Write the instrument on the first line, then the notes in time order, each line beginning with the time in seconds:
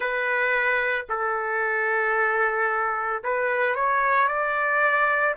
trumpet
0.00 B4
1.09 A4
3.23 B4
3.75 C#5
4.28 D5